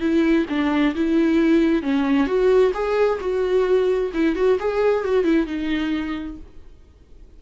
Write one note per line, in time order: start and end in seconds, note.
0.00 0.45 E4
0.49 0.94 D4
0.95 1.82 E4
1.82 2.26 C#4
2.26 2.72 F#4
2.74 3.19 G#4
3.20 4.11 F#4
4.14 4.35 E4
4.35 4.58 F#4
4.59 5.04 G#4
5.04 5.24 F#4
5.24 5.46 E4
5.46 6.37 D#4